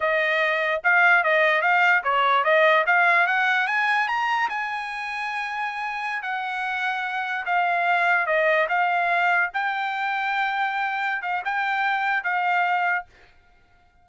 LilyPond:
\new Staff \with { instrumentName = "trumpet" } { \time 4/4 \tempo 4 = 147 dis''2 f''4 dis''4 | f''4 cis''4 dis''4 f''4 | fis''4 gis''4 ais''4 gis''4~ | gis''2.~ gis''16 fis''8.~ |
fis''2~ fis''16 f''4.~ f''16~ | f''16 dis''4 f''2 g''8.~ | g''2.~ g''8 f''8 | g''2 f''2 | }